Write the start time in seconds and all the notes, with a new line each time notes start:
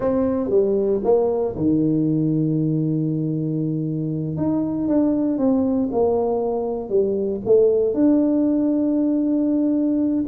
0.00 C4
0.49 G3
1.03 A#3
1.56 D#3
4.36 D#4
4.88 D4
5.38 C4
5.91 A#3
6.89 G3
7.45 A3
7.93 D4